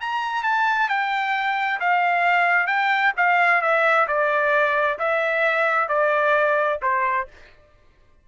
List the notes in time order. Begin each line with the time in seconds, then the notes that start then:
0.00 A#5
0.43 A5
0.88 G5
1.80 F5
2.67 G5
3.17 F5
3.61 E5
4.07 D5
4.98 E5
5.88 D5
6.82 C5